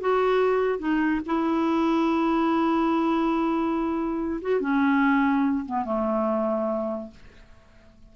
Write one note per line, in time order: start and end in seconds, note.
0.00 0.79 F#4
0.79 1.21 D#4
1.26 4.40 E4
4.41 4.60 F#4
4.60 5.65 C#4
5.65 5.85 B3
5.85 7.10 A3